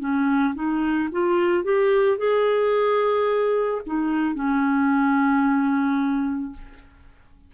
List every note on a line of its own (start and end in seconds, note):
0.00 0.55 C#4
0.55 1.09 D#4
1.12 1.64 F4
1.64 2.18 G4
2.18 3.82 G#4
3.86 4.35 D#4
4.35 6.53 C#4